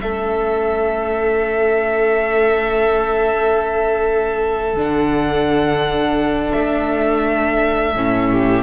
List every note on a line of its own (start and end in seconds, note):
0.00 4.75 A3
0.00 4.76 C#4
0.00 8.30 A4
0.00 4.76 E5
4.75 6.51 D3
4.75 7.94 D4
4.81 6.52 F#5
6.52 7.95 A3
6.52 8.63 E5
7.95 8.63 A2
7.95 8.63 C#4
8.30 8.63 G4